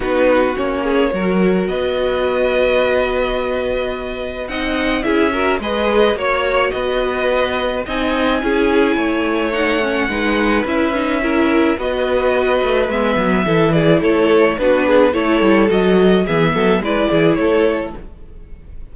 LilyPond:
<<
  \new Staff \with { instrumentName = "violin" } { \time 4/4 \tempo 4 = 107 b'4 cis''2 dis''4~ | dis''1 | fis''4 e''4 dis''4 cis''4 | dis''2 gis''2~ |
gis''4 fis''2 e''4~ | e''4 dis''2 e''4~ | e''8 d''8 cis''4 b'4 cis''4 | dis''4 e''4 d''4 cis''4 | }
  \new Staff \with { instrumentName = "violin" } { \time 4/4 fis'4. gis'8 ais'4 b'4~ | b'1 | dis''4 gis'8 ais'8 b'4 cis''4 | b'2 dis''4 gis'4 |
cis''2 b'2 | ais'4 b'2. | a'8 gis'8 a'4 fis'8 gis'8 a'4~ | a'4 gis'8 a'8 b'8 gis'8 a'4 | }
  \new Staff \with { instrumentName = "viola" } { \time 4/4 dis'4 cis'4 fis'2~ | fis'1 | dis'4 e'8 fis'8 gis'4 fis'4~ | fis'2 dis'4 e'4~ |
e'4 dis'8 cis'8 dis'4 e'8 dis'8 | e'4 fis'2 b4 | e'2 d'4 e'4 | fis'4 b4 e'2 | }
  \new Staff \with { instrumentName = "cello" } { \time 4/4 b4 ais4 fis4 b4~ | b1 | c'4 cis'4 gis4 ais4 | b2 c'4 cis'4 |
a2 gis4 cis'4~ | cis'4 b4. a8 gis8 fis8 | e4 a4 b4 a8 g8 | fis4 e8 fis8 gis8 e8 a4 | }
>>